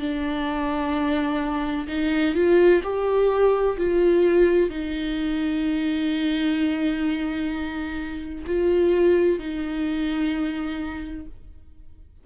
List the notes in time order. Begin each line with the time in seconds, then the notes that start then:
0.00 D4
1.88 D#4
2.35 F4
2.84 G4
3.78 F4
4.70 D#4
8.47 F4
9.39 D#4